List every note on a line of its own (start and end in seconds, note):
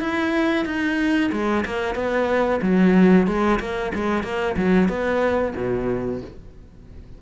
0.00 0.65 E4
0.65 1.30 D#4
1.32 1.64 G#3
1.65 1.95 A#3
1.95 2.60 B3
2.61 3.27 F#3
3.27 3.59 G#3
3.60 3.92 A#3
3.94 4.23 G#3
4.23 4.56 A#3
4.57 4.88 F#3
4.88 5.53 B3
5.56 6.21 B2